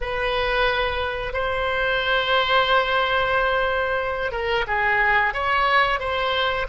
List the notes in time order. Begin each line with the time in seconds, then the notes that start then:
0.00 B4
1.33 C5
4.31 A#4
4.67 G#4
5.33 C#5
5.99 C5